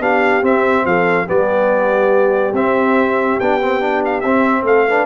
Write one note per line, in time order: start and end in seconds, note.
0.00 0.42 B3
0.00 0.42 D4
0.00 0.85 G4
0.00 0.44 F5
0.42 1.26 C4
0.42 0.85 C4
0.42 0.86 E5
0.85 1.27 F3
0.85 1.27 A4
0.85 1.28 F5
1.26 2.53 G3
1.26 2.53 B3
1.26 4.65 G4
1.26 2.55 D5
2.53 3.37 C4
2.53 3.41 C4
2.53 3.40 E5
3.40 4.23 B3
3.40 3.62 D4
3.40 4.03 G5
3.62 3.80 C4
3.80 4.22 D4
4.05 4.21 F5
4.21 4.63 C4
4.21 4.89 C4
4.21 4.63 E5
4.63 5.05 A3
4.63 4.87 A4
4.63 5.06 F5
4.88 5.06 D4
4.88 5.06 B4